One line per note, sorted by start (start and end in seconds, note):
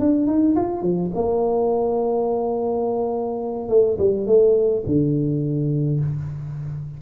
0.00 0.27 D4
0.27 0.56 D#4
0.56 0.82 F4
0.82 1.11 F3
1.15 3.69 A#3
3.69 3.98 A3
3.98 4.26 G3
4.26 4.84 A3
4.86 6.01 D3